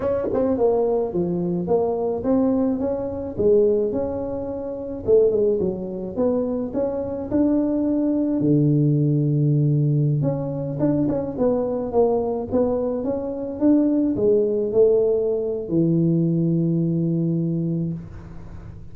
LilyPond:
\new Staff \with { instrumentName = "tuba" } { \time 4/4 \tempo 4 = 107 cis'8 c'8 ais4 f4 ais4 | c'4 cis'4 gis4 cis'4~ | cis'4 a8 gis8 fis4 b4 | cis'4 d'2 d4~ |
d2~ d16 cis'4 d'8 cis'16~ | cis'16 b4 ais4 b4 cis'8.~ | cis'16 d'4 gis4 a4.~ a16 | e1 | }